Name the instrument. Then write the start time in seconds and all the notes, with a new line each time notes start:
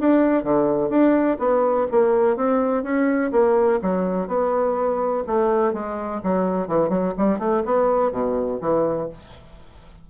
bassoon
0.00 D4
0.44 D3
0.90 D4
1.39 B3
1.91 A#3
2.37 C4
2.83 C#4
3.32 A#3
3.82 F#3
4.28 B3
5.27 A3
5.73 G#3
6.23 F#3
6.68 E3
6.89 F#3
7.18 G3
7.39 A3
7.65 B3
8.12 B2
8.61 E3